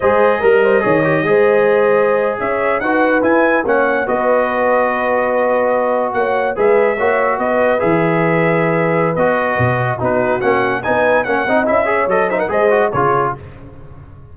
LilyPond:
<<
  \new Staff \with { instrumentName = "trumpet" } { \time 4/4 \tempo 4 = 144 dis''1~ | dis''4.~ dis''16 e''4 fis''4 gis''16~ | gis''8. fis''4 dis''2~ dis''16~ | dis''2~ dis''8. fis''4 e''16~ |
e''4.~ e''16 dis''4 e''4~ e''16~ | e''2 dis''2 | b'4 fis''4 gis''4 fis''4 | e''4 dis''8 e''16 fis''16 dis''4 cis''4 | }
  \new Staff \with { instrumentName = "horn" } { \time 4/4 c''4 ais'8 c''8 cis''4 c''4~ | c''4.~ c''16 cis''4 b'4~ b'16~ | b'8. cis''4 b'2~ b'16~ | b'2~ b'8. cis''4 b'16~ |
b'8. cis''4 b'2~ b'16~ | b'1 | fis'2 b'4 cis''8 dis''8~ | dis''8 cis''4 c''16 ais'16 c''4 gis'4 | }
  \new Staff \with { instrumentName = "trombone" } { \time 4/4 gis'4 ais'4 gis'8 g'8 gis'4~ | gis'2~ gis'8. fis'4 e'16~ | e'8. cis'4 fis'2~ fis'16~ | fis'2.~ fis'8. gis'16~ |
gis'8. fis'2 gis'4~ gis'16~ | gis'2 fis'2 | dis'4 cis'4 dis'4 cis'8 dis'8 | e'8 gis'8 a'8 dis'8 gis'8 fis'8 f'4 | }
  \new Staff \with { instrumentName = "tuba" } { \time 4/4 gis4 g4 dis4 gis4~ | gis4.~ gis16 cis'4 dis'4 e'16~ | e'8. ais4 b2~ b16~ | b2~ b8. ais4 gis16~ |
gis8. ais4 b4 e4~ e16~ | e2 b4 b,4 | b4 ais4 b4 ais8 c'8 | cis'4 fis4 gis4 cis4 | }
>>